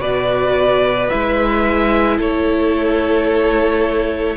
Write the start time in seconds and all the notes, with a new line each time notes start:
0.00 B2 F#4 B4 D5
1.10 G#3 E4 E5
2.17 A3 A4 C#5